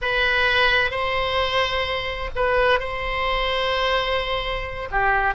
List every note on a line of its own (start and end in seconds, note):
0.01 0.90 B4
0.90 2.30 C5
2.35 2.79 B4
2.79 4.88 C5
4.91 5.34 G4